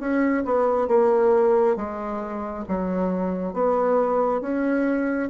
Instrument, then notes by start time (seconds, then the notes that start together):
bassoon
0.00 C#4
0.45 B3
0.88 A#3
1.77 G#3
2.69 F#3
3.54 B3
4.42 C#4